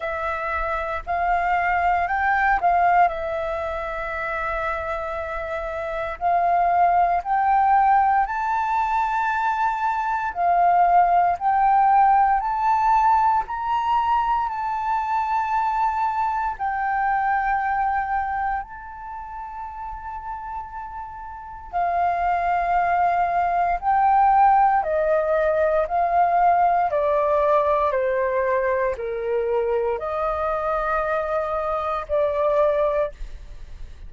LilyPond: \new Staff \with { instrumentName = "flute" } { \time 4/4 \tempo 4 = 58 e''4 f''4 g''8 f''8 e''4~ | e''2 f''4 g''4 | a''2 f''4 g''4 | a''4 ais''4 a''2 |
g''2 a''2~ | a''4 f''2 g''4 | dis''4 f''4 d''4 c''4 | ais'4 dis''2 d''4 | }